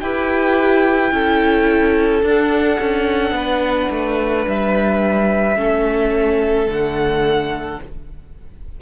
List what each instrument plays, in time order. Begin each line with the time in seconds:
0.00 cello E4, viola G4, violin B4 G5
1.11 cello C#4, viola E4, violin A4
2.23 cello D4, viola D4, violin F#5
2.80 cello C#4
3.31 cello B3, violin B4
3.91 cello A3
4.47 cello G3, violin E5
5.56 cello A3, viola C#4, violin A4
6.67 cello D3, viola A3, violin F#5